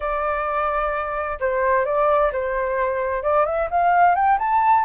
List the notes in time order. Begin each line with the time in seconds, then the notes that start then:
0.00 D5
1.40 C5
1.85 D5
2.32 C5
3.22 D5
3.45 E5
3.70 F5
4.15 G5
4.38 A5